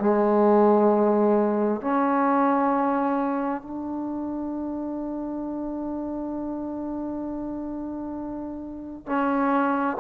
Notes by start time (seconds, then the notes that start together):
0.00 G#3
1.81 C#4
3.62 D4
9.06 C#4